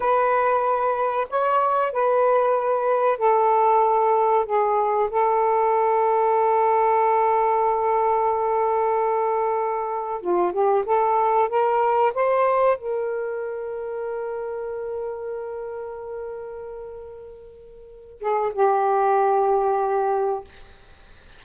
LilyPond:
\new Staff \with { instrumentName = "saxophone" } { \time 4/4 \tempo 4 = 94 b'2 cis''4 b'4~ | b'4 a'2 gis'4 | a'1~ | a'1 |
f'8 g'8 a'4 ais'4 c''4 | ais'1~ | ais'1~ | ais'8 gis'8 g'2. | }